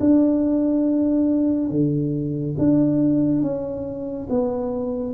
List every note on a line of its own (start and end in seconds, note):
0.00 1.70 D4
1.70 2.56 D3
2.58 3.42 D4
3.42 4.28 C#4
4.30 5.14 B3